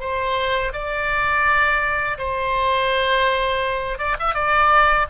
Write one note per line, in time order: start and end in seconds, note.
0.00 0.72 C5
0.73 2.18 D5
2.18 3.98 C5
3.98 4.16 D5
4.19 4.34 E5
4.34 5.07 D5